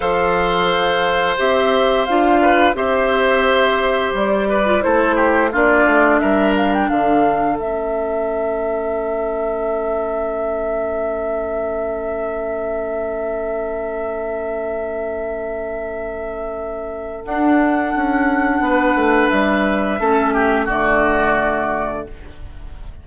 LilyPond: <<
  \new Staff \with { instrumentName = "flute" } { \time 4/4 \tempo 4 = 87 f''2 e''4 f''4 | e''2 d''4 c''4 | d''4 e''8 f''16 g''16 f''4 e''4~ | e''1~ |
e''1~ | e''1~ | e''4 fis''2. | e''2 d''2 | }
  \new Staff \with { instrumentName = "oboe" } { \time 4/4 c''2.~ c''8 b'8 | c''2~ c''8 b'8 a'8 g'8 | f'4 ais'4 a'2~ | a'1~ |
a'1~ | a'1~ | a'2. b'4~ | b'4 a'8 g'8 fis'2 | }
  \new Staff \with { instrumentName = "clarinet" } { \time 4/4 a'2 g'4 f'4 | g'2~ g'8. f'16 e'4 | d'2. cis'4~ | cis'1~ |
cis'1~ | cis'1~ | cis'4 d'2.~ | d'4 cis'4 a2 | }
  \new Staff \with { instrumentName = "bassoon" } { \time 4/4 f2 c'4 d'4 | c'2 g4 a4 | ais8 a8 g4 d4 a4~ | a1~ |
a1~ | a1~ | a4 d'4 cis'4 b8 a8 | g4 a4 d2 | }
>>